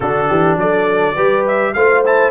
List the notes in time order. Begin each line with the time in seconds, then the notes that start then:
0.00 D3 D4 F#4 A4
0.28 E3 G4
0.56 F#3 A4 D5
1.14 G3 G4 B4
1.47 E5
1.73 A3 F4 C5 F5
2.04 E4 A5